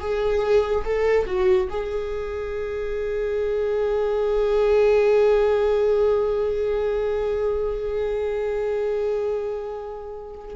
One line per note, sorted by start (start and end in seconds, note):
0.00 0.85 G#4
0.85 1.26 A4
1.26 1.69 F#4
1.70 10.56 G#4